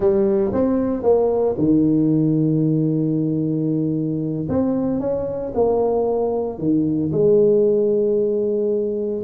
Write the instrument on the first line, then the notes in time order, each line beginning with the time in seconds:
tuba
0.00 G3
0.53 C4
1.02 A#3
1.58 D#3
4.48 C4
5.00 C#4
5.54 A#3
6.58 D#3
7.12 G#3